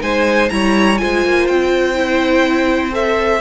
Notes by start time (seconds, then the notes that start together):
0.00 G#3 D#4 C5 G#5
0.49 G3 E4 C#5 A#5
0.98 G#3 F4 C5 G#5
1.25 A#3
1.47 C4 G5
1.95 E4
2.92 A4 E5